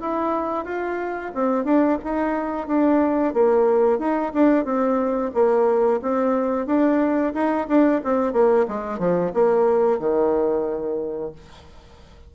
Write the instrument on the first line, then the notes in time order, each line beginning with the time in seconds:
bassoon
0.00 E4
0.65 F4
1.34 C4
1.64 D4
2.04 D#4
2.67 D4
3.33 A#3
3.98 D#4
4.33 D4
4.64 C4
5.33 A#3
6.02 C4
6.66 D4
7.34 D#4
7.68 D4
8.03 C4
8.32 A#3
8.68 G#3
8.98 F3
9.33 A#3
9.99 D#3